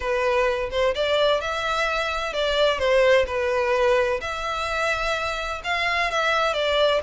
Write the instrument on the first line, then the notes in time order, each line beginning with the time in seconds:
violin
0.00 B4
0.70 C5
0.95 D5
1.40 E5
2.33 D5
2.78 C5
3.26 B4
4.20 E5
5.64 F5
6.10 E5
6.53 D5